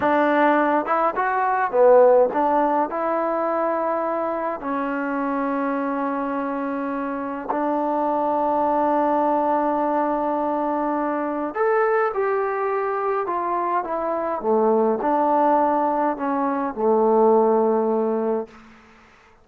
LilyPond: \new Staff \with { instrumentName = "trombone" } { \time 4/4 \tempo 4 = 104 d'4. e'8 fis'4 b4 | d'4 e'2. | cis'1~ | cis'4 d'2.~ |
d'1 | a'4 g'2 f'4 | e'4 a4 d'2 | cis'4 a2. | }